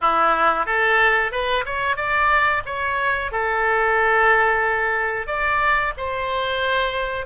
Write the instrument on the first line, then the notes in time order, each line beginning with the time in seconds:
oboe
0.01 E4
0.66 A4
1.31 B4
1.65 C#5
1.96 D5
2.65 C#5
3.31 A4
5.27 D5
5.97 C5